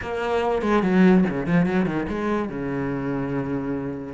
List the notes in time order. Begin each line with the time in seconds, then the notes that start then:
0.02 A#3
0.62 G#3
0.83 F#3
1.29 C#3
1.46 F3
1.66 F#3
1.86 D#3
2.08 G#3
2.49 C#3